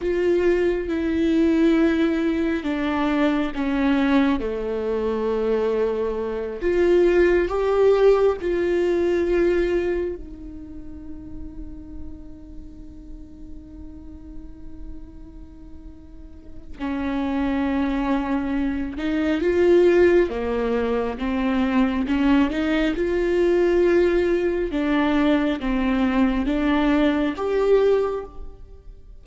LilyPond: \new Staff \with { instrumentName = "viola" } { \time 4/4 \tempo 4 = 68 f'4 e'2 d'4 | cis'4 a2~ a8 f'8~ | f'8 g'4 f'2 dis'8~ | dis'1~ |
dis'2. cis'4~ | cis'4. dis'8 f'4 ais4 | c'4 cis'8 dis'8 f'2 | d'4 c'4 d'4 g'4 | }